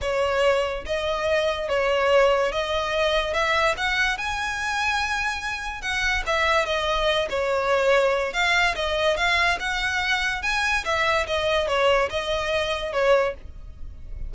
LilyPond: \new Staff \with { instrumentName = "violin" } { \time 4/4 \tempo 4 = 144 cis''2 dis''2 | cis''2 dis''2 | e''4 fis''4 gis''2~ | gis''2 fis''4 e''4 |
dis''4. cis''2~ cis''8 | f''4 dis''4 f''4 fis''4~ | fis''4 gis''4 e''4 dis''4 | cis''4 dis''2 cis''4 | }